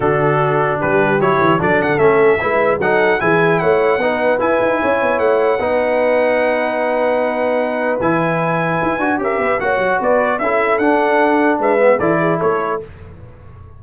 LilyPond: <<
  \new Staff \with { instrumentName = "trumpet" } { \time 4/4 \tempo 4 = 150 a'2 b'4 cis''4 | d''8 fis''8 e''2 fis''4 | gis''4 fis''2 gis''4~ | gis''4 fis''2.~ |
fis''1 | gis''2. e''4 | fis''4 d''4 e''4 fis''4~ | fis''4 e''4 d''4 cis''4 | }
  \new Staff \with { instrumentName = "horn" } { \time 4/4 fis'2 g'2 | a'2 b'4 a'4 | gis'4 cis''4 b'2 | cis''2 b'2~ |
b'1~ | b'2. ais'8 b'8 | cis''4 b'4 a'2~ | a'4 b'4 a'8 gis'8 a'4 | }
  \new Staff \with { instrumentName = "trombone" } { \time 4/4 d'2. e'4 | d'4 cis'4 e'4 dis'4 | e'2 dis'4 e'4~ | e'2 dis'2~ |
dis'1 | e'2~ e'8 fis'8 g'4 | fis'2 e'4 d'4~ | d'4. b8 e'2 | }
  \new Staff \with { instrumentName = "tuba" } { \time 4/4 d2 g4 fis8 e8 | fis8 d8 a4 gis4 fis4 | e4 a4 b4 e'8 dis'8 | cis'8 b8 a4 b2~ |
b1 | e2 e'8 d'8 cis'8 b8 | ais8 fis8 b4 cis'4 d'4~ | d'4 gis4 e4 a4 | }
>>